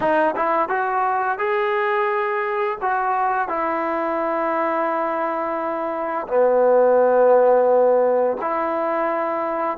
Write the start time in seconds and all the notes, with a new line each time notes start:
0.00 D#4
0.36 E4
0.68 F#4
1.38 G#4
2.81 F#4
3.48 E4
6.27 B3
8.41 E4